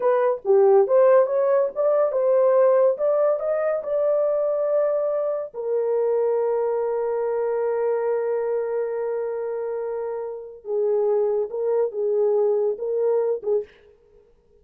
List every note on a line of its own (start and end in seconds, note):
0.00 0.41 B4
0.44 0.87 G4
0.87 1.26 C5
1.26 1.68 C#5
1.75 2.12 D5
2.12 2.97 C5
2.97 3.39 D5
3.39 3.82 D#5
3.83 5.53 D5
5.54 10.64 A#4
10.64 11.49 G#4
11.50 11.91 A#4
11.91 12.77 G#4
12.78 13.42 A#4
13.43 13.64 G#4